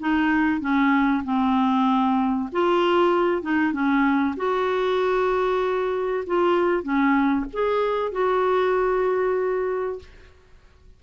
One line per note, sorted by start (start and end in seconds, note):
0.00 0.61 D#4
0.61 1.23 C#4
1.25 2.50 C4
2.53 3.42 F4
3.42 3.73 D#4
3.73 4.35 C#4
4.37 6.25 F#4
6.27 6.83 F4
6.83 7.46 C#4
7.53 8.12 G#4
8.12 9.99 F#4